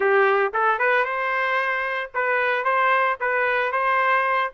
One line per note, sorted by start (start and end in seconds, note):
0.00 0.52 G4
0.53 0.78 A4
0.78 1.04 B4
1.04 2.10 C5
2.14 2.64 B4
2.64 3.17 C5
3.20 3.72 B4
3.72 4.51 C5